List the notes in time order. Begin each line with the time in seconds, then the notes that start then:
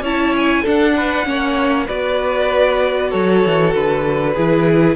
0.00 C#4 E4 C#5 A5
0.35 G#5
0.62 D4 A4 F#5
0.96 B4
1.24 A#3 C#4 C#5
1.86 B3 F#4 B4 D5
3.09 F#3 A4 C#5
3.45 E3
3.74 D3 B4
4.34 E3 E4 G#4